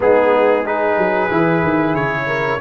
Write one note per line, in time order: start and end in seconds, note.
0.00 0.97 G#3
0.00 0.64 B3
0.00 0.65 D#4
0.00 0.66 G#4
0.65 1.30 D#4
0.65 2.27 G#4
0.65 1.95 B4
0.97 1.29 F#3
1.30 1.63 E3
1.30 2.60 E4
1.63 1.94 D#3
1.94 2.59 C#3
1.94 2.60 C#5
2.27 2.59 A#4